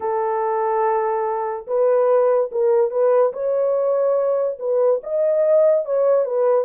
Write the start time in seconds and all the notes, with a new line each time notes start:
0.00 A4
1.67 B4
2.51 A#4
2.90 B4
3.33 C#5
4.59 B4
5.03 D#5
5.85 C#5
6.25 B4